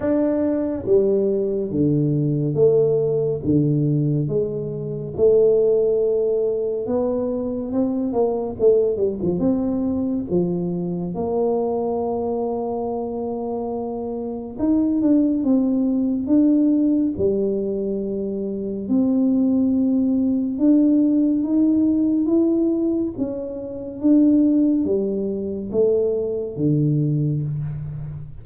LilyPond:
\new Staff \with { instrumentName = "tuba" } { \time 4/4 \tempo 4 = 70 d'4 g4 d4 a4 | d4 gis4 a2 | b4 c'8 ais8 a8 g16 f16 c'4 | f4 ais2.~ |
ais4 dis'8 d'8 c'4 d'4 | g2 c'2 | d'4 dis'4 e'4 cis'4 | d'4 g4 a4 d4 | }